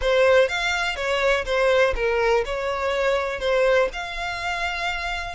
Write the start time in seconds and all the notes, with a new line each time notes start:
0.01 C5
0.48 F5
0.95 C#5
1.45 C5
1.95 A#4
2.45 C#5
3.39 C5
3.93 F5